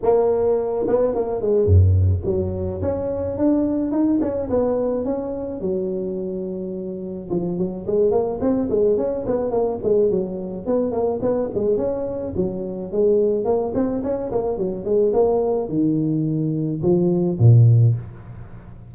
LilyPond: \new Staff \with { instrumentName = "tuba" } { \time 4/4 \tempo 4 = 107 ais4. b8 ais8 gis8 fis,4 | fis4 cis'4 d'4 dis'8 cis'8 | b4 cis'4 fis2~ | fis4 f8 fis8 gis8 ais8 c'8 gis8 |
cis'8 b8 ais8 gis8 fis4 b8 ais8 | b8 gis8 cis'4 fis4 gis4 | ais8 c'8 cis'8 ais8 fis8 gis8 ais4 | dis2 f4 ais,4 | }